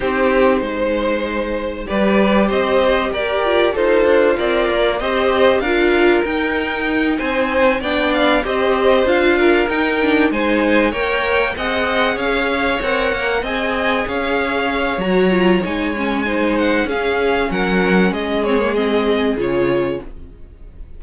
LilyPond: <<
  \new Staff \with { instrumentName = "violin" } { \time 4/4 \tempo 4 = 96 c''2. d''4 | dis''4 d''4 c''4 d''4 | dis''4 f''4 g''4. gis''8~ | gis''8 g''8 f''8 dis''4 f''4 g''8~ |
g''8 gis''4 g''4 fis''4 f''8~ | f''8 fis''4 gis''4 f''4. | ais''4 gis''4. fis''8 f''4 | fis''4 dis''8 cis''8 dis''4 cis''4 | }
  \new Staff \with { instrumentName = "violin" } { \time 4/4 g'4 c''2 b'4 | c''4 ais'4 f'2 | c''4 ais'2~ ais'8 c''8~ | c''8 d''4 c''4. ais'4~ |
ais'8 c''4 cis''4 dis''4 cis''8~ | cis''4. dis''4 cis''4.~ | cis''2 c''4 gis'4 | ais'4 gis'2. | }
  \new Staff \with { instrumentName = "viola" } { \time 4/4 dis'2. g'4~ | g'4. f'8 a'4 ais'4 | g'4 f'4 dis'2~ | dis'8 d'4 g'4 f'4 dis'8 |
d'8 dis'4 ais'4 gis'4.~ | gis'8 ais'4 gis'2~ gis'8 | fis'8 f'8 dis'8 cis'8 dis'4 cis'4~ | cis'4. c'16 ais16 c'4 f'4 | }
  \new Staff \with { instrumentName = "cello" } { \time 4/4 c'4 gis2 g4 | c'4 g'4 dis'8 d'8 c'8 ais8 | c'4 d'4 dis'4. c'8~ | c'8 b4 c'4 d'4 dis'8~ |
dis'8 gis4 ais4 c'4 cis'8~ | cis'8 c'8 ais8 c'4 cis'4. | fis4 gis2 cis'4 | fis4 gis2 cis4 | }
>>